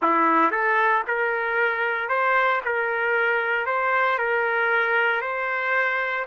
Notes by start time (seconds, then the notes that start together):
0.02 E4
0.51 A4
1.07 A#4
2.08 C5
2.65 A#4
3.66 C5
4.18 A#4
5.21 C5